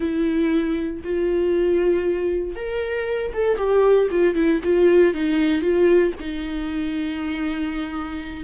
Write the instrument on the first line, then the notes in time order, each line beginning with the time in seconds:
viola
0.00 E4
1.04 F4
2.55 A#4
3.33 A4
3.57 G4
4.10 F4
4.34 E4
4.63 F4
5.14 D#4
5.61 F4
6.19 D#4